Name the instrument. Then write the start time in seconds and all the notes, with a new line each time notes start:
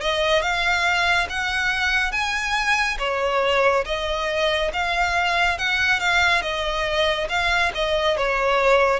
violin
0.00 D#5
0.41 F5
1.29 F#5
2.12 G#5
2.98 C#5
3.85 D#5
4.73 F5
5.58 F#5
5.99 F5
6.42 D#5
7.29 F5
7.74 D#5
8.17 C#5